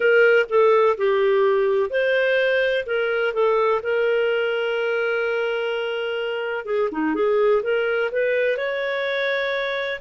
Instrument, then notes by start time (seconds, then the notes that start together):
clarinet
0.00 A#4
0.49 A4
0.97 G4
1.90 C5
2.86 A#4
3.33 A4
3.82 A#4
6.65 G#4
6.91 D#4
7.14 G#4
7.62 A#4
8.11 B4
8.57 C#5